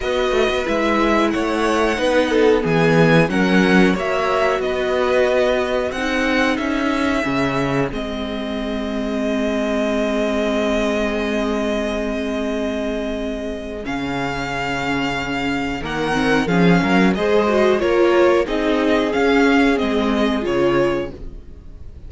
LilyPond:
<<
  \new Staff \with { instrumentName = "violin" } { \time 4/4 \tempo 4 = 91 dis''4 e''4 fis''2 | gis''4 fis''4 e''4 dis''4~ | dis''4 fis''4 e''2 | dis''1~ |
dis''1~ | dis''4 f''2. | fis''4 f''4 dis''4 cis''4 | dis''4 f''4 dis''4 cis''4 | }
  \new Staff \with { instrumentName = "violin" } { \time 4/4 b'2 cis''4 b'8 a'8 | gis'4 ais'4 cis''4 b'4~ | b'4 gis'2.~ | gis'1~ |
gis'1~ | gis'1 | ais'4 gis'8 ais'8 c''4 ais'4 | gis'1 | }
  \new Staff \with { instrumentName = "viola" } { \time 4/4 fis'4 e'2 dis'4 | b4 cis'4 fis'2~ | fis'4 dis'2 cis'4 | c'1~ |
c'1~ | c'4 cis'2. | ais8 c'8 cis'4 gis'8 fis'8 f'4 | dis'4 cis'4 c'4 f'4 | }
  \new Staff \with { instrumentName = "cello" } { \time 4/4 b8 a16 b16 gis4 a4 b4 | e4 fis4 ais4 b4~ | b4 c'4 cis'4 cis4 | gis1~ |
gis1~ | gis4 cis2. | dis4 f8 fis8 gis4 ais4 | c'4 cis'4 gis4 cis4 | }
>>